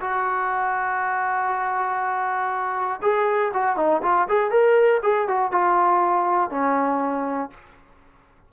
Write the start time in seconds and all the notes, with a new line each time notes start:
0.00 F#4
3.02 G#4
3.53 F#4
3.76 D#4
4.02 F4
4.28 G#4
4.50 A#4
5.02 G#4
5.27 F#4
5.51 F4
6.50 C#4